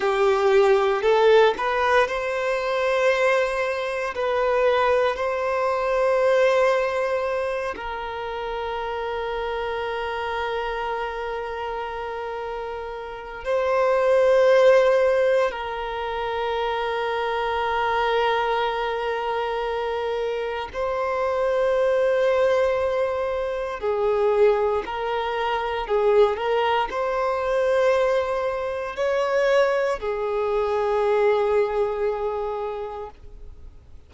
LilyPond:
\new Staff \with { instrumentName = "violin" } { \time 4/4 \tempo 4 = 58 g'4 a'8 b'8 c''2 | b'4 c''2~ c''8 ais'8~ | ais'1~ | ais'4 c''2 ais'4~ |
ais'1 | c''2. gis'4 | ais'4 gis'8 ais'8 c''2 | cis''4 gis'2. | }